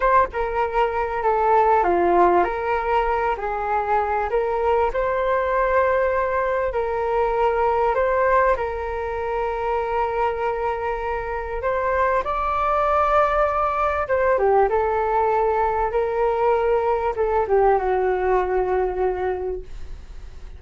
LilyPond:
\new Staff \with { instrumentName = "flute" } { \time 4/4 \tempo 4 = 98 c''8 ais'4. a'4 f'4 | ais'4. gis'4. ais'4 | c''2. ais'4~ | ais'4 c''4 ais'2~ |
ais'2. c''4 | d''2. c''8 g'8 | a'2 ais'2 | a'8 g'8 fis'2. | }